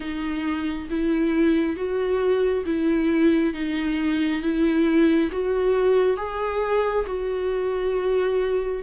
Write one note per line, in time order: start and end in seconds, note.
0.00 0.88 D#4
0.90 1.76 E4
1.76 2.64 F#4
2.65 3.53 E4
3.53 4.42 D#4
4.42 5.30 E4
5.31 6.16 F#4
6.16 7.05 G#4
7.06 8.82 F#4